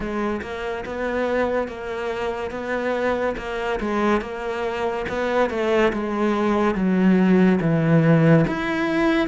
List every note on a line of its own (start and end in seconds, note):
0.00 0.41 G#3
0.42 0.84 A#3
0.85 1.68 B3
1.68 2.50 A#3
2.50 3.35 B3
3.37 3.79 A#3
3.80 4.21 G#3
4.21 5.05 A#3
5.09 5.50 B3
5.50 5.92 A3
5.92 6.75 G#3
6.75 7.59 F#3
7.61 8.45 E3
8.47 9.27 E4